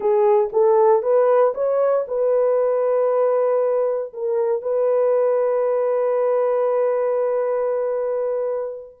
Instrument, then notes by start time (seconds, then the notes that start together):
horn
0.00 G#4
0.52 A4
1.02 B4
1.54 C#5
2.07 B4
4.13 A#4
4.62 B4